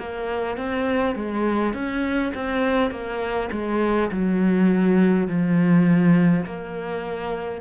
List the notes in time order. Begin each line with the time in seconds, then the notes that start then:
0.00 A#3
0.58 C4
1.16 G#3
1.74 C#4
2.35 C4
2.91 A#3
3.52 G#3
4.12 F#3
5.28 F3
6.46 A#3